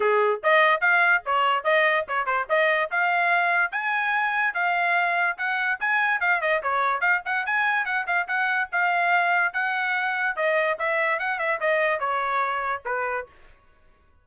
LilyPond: \new Staff \with { instrumentName = "trumpet" } { \time 4/4 \tempo 4 = 145 gis'4 dis''4 f''4 cis''4 | dis''4 cis''8 c''8 dis''4 f''4~ | f''4 gis''2 f''4~ | f''4 fis''4 gis''4 f''8 dis''8 |
cis''4 f''8 fis''8 gis''4 fis''8 f''8 | fis''4 f''2 fis''4~ | fis''4 dis''4 e''4 fis''8 e''8 | dis''4 cis''2 b'4 | }